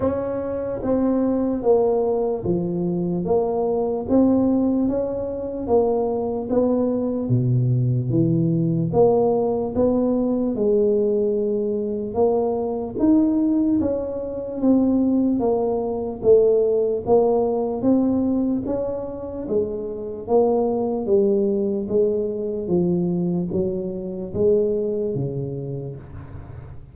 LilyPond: \new Staff \with { instrumentName = "tuba" } { \time 4/4 \tempo 4 = 74 cis'4 c'4 ais4 f4 | ais4 c'4 cis'4 ais4 | b4 b,4 e4 ais4 | b4 gis2 ais4 |
dis'4 cis'4 c'4 ais4 | a4 ais4 c'4 cis'4 | gis4 ais4 g4 gis4 | f4 fis4 gis4 cis4 | }